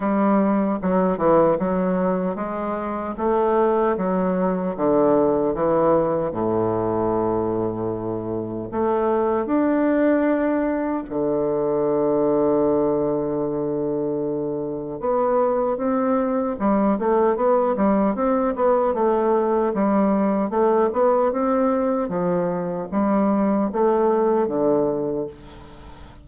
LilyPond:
\new Staff \with { instrumentName = "bassoon" } { \time 4/4 \tempo 4 = 76 g4 fis8 e8 fis4 gis4 | a4 fis4 d4 e4 | a,2. a4 | d'2 d2~ |
d2. b4 | c'4 g8 a8 b8 g8 c'8 b8 | a4 g4 a8 b8 c'4 | f4 g4 a4 d4 | }